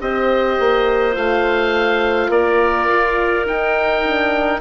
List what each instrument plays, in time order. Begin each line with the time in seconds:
0.00 bassoon C4, horn G4, clarinet C5, oboe D#5
0.60 bassoon A#3
1.12 bassoon A3, horn F4, oboe F5
2.29 bassoon A#3, clarinet A#4, oboe D5
2.88 bassoon F4
3.45 horn D#4, bassoon D#4, oboe G5
4.03 horn D4